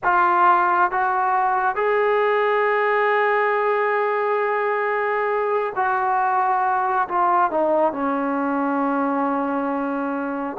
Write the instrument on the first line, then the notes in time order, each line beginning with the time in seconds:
trombone
0.03 F4
0.91 F#4
1.75 G#4
5.76 F#4
7.08 F4
7.50 D#4
7.92 C#4